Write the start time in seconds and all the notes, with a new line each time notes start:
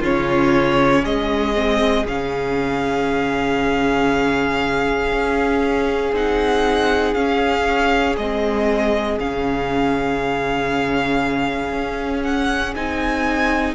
0.00 C#3 C#4 F4 C#5
1.03 G#3 G#4 D#5
1.55 C4
2.07 C#3 C#4 F5
5.12 C#4
6.13 C4 D#4 F#5
7.14 C#4 F5
8.17 G#3 C4 D#5
9.20 C#3 C#4 F5
11.73 C#4
12.24 F#5
12.76 C4 D#4 G#5